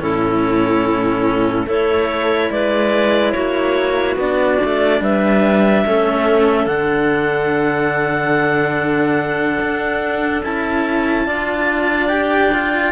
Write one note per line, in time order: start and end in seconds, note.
0.00 1.67 A2
0.00 1.67 C#4
0.00 1.66 E4
0.00 1.69 A4
1.66 2.50 A3
1.66 4.18 E4
1.66 2.50 A4
1.66 2.52 C#5
2.51 3.34 G#3
2.51 3.34 B4
2.51 3.32 D5
3.32 4.16 A#3
3.32 5.01 F#4
3.32 4.15 C#5
4.16 4.58 B3
4.16 5.87 D4
4.16 5.04 D5
4.65 5.01 A3
5.01 5.85 G3
5.01 5.86 B4
5.01 6.67 E5
5.86 6.67 A3
5.86 6.67 C#4
5.86 11.26 A4
6.67 9.59 D3
6.67 10.42 D4
6.67 10.42 F#5
9.61 10.44 D4
10.44 11.28 C#4
10.44 11.26 E4
10.44 12.09 A5
11.26 12.93 D4
11.26 12.09 F4
11.26 12.93 D5
12.09 12.51 G4
12.09 12.92 G5
12.54 12.93 F4